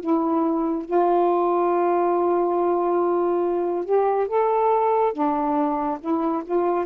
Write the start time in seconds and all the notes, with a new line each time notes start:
0.00 E4
0.85 F4
3.85 G4
4.28 A4
5.13 D4
6.00 E4
6.45 F4